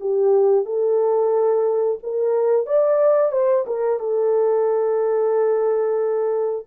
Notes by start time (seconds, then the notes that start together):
0.00 G4
0.65 A4
2.02 A#4
2.66 D5
3.31 C5
3.66 A#4
3.99 A4